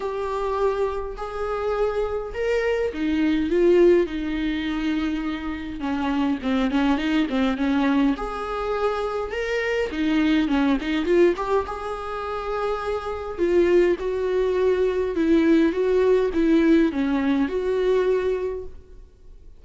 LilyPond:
\new Staff \with { instrumentName = "viola" } { \time 4/4 \tempo 4 = 103 g'2 gis'2 | ais'4 dis'4 f'4 dis'4~ | dis'2 cis'4 c'8 cis'8 | dis'8 c'8 cis'4 gis'2 |
ais'4 dis'4 cis'8 dis'8 f'8 g'8 | gis'2. f'4 | fis'2 e'4 fis'4 | e'4 cis'4 fis'2 | }